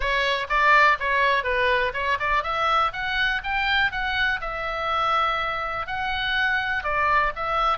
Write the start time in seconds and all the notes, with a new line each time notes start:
0.00 C#5
0.49 D5
0.99 C#5
1.43 B4
1.93 C#5
2.19 D5
2.43 E5
2.92 F#5
3.43 G5
3.91 F#5
4.40 E5
5.86 F#5
6.83 D5
7.35 E5